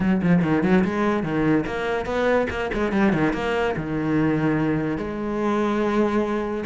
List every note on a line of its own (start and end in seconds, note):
0.00 0.21 F#3
0.22 0.42 F3
0.42 0.63 D#3
0.63 0.84 F#3
0.84 1.23 G#3
1.23 1.64 D#3
1.66 2.05 A#3
2.05 2.47 B3
2.49 2.70 A#3
2.73 2.91 G#3
2.91 3.12 G3
3.12 3.33 D#3
3.33 3.75 A#3
3.76 4.97 D#3
4.97 6.64 G#3